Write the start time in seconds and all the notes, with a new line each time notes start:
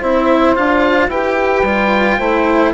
0.00 C4 E4 C5 E5
0.55 D4 F4 F5
1.08 E4 G4 B4 G5
1.63 G3 F4
2.18 A3 E4 C5